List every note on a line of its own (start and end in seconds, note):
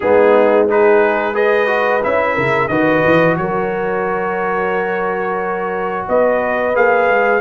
0.00 2.04 G#3
0.00 0.68 B3
0.00 0.69 D#4
0.00 0.67 G#4
0.68 1.34 D#4
0.68 1.34 G#4
0.68 1.35 B4
1.34 1.66 G#4
1.34 2.35 B4
1.34 2.02 D#5
1.66 2.00 F#4
2.02 2.37 C#4
2.02 2.70 E4
2.02 2.68 E5
2.35 2.68 C#3
2.35 2.68 A#4
2.68 3.02 D#3
2.68 6.74 F#4
2.68 3.37 B4
2.68 3.35 D#5
3.04 3.36 E3
3.36 6.06 F#3
3.36 6.08 A#4
3.36 6.06 C#5
6.08 6.75 B3
6.08 7.40 B4
6.08 6.75 D#5
6.74 7.08 A#3
6.74 7.40 G#4
6.74 7.40 F5
7.08 7.40 G#3